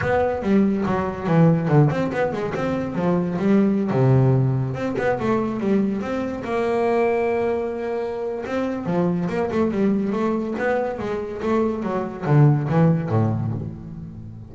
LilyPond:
\new Staff \with { instrumentName = "double bass" } { \time 4/4 \tempo 4 = 142 b4 g4 fis4 e4 | d8 c'8 b8 gis8 c'4 f4 | g4~ g16 c2 c'8 b16~ | b16 a4 g4 c'4 ais8.~ |
ais1 | c'4 f4 ais8 a8 g4 | a4 b4 gis4 a4 | fis4 d4 e4 a,4 | }